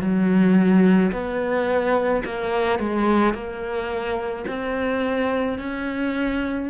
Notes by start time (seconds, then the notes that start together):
0.00 F#3
1.12 B3
2.24 A#3
2.79 G#3
3.34 A#3
4.46 C4
5.58 C#4